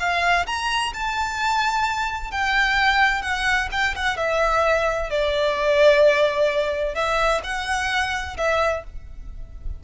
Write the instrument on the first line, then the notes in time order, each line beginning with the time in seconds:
violin
0.00 F5
0.47 A#5
0.94 A5
2.32 G5
3.23 F#5
3.72 G5
3.96 F#5
4.17 E5
5.11 D5
6.95 E5
7.44 F#5
8.38 E5